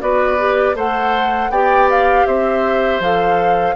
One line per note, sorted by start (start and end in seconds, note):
0.00 0.75 B3
0.00 0.38 F#4
0.00 0.76 B4
0.00 0.76 D5
0.39 0.75 G4
0.75 1.49 A3
0.75 1.50 A4
0.75 1.51 C5
0.75 1.51 F#5
1.49 2.24 B3
1.49 3.02 G4
1.49 2.27 D5
1.49 1.89 G5
1.90 2.26 F5
2.26 3.00 C4
2.26 3.75 C5
2.26 3.01 E5
3.00 3.75 F3
3.00 3.75 A4
3.00 3.75 F5